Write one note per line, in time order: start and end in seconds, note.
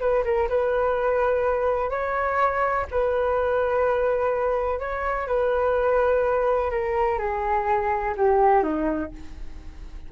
0.00 0.24 B4
0.25 0.49 A#4
0.50 1.91 B4
1.91 2.87 C#5
2.91 4.80 B4
4.80 5.28 C#5
5.28 6.71 B4
6.71 7.19 A#4
7.19 8.15 G#4
8.17 8.64 G4
8.64 9.12 D#4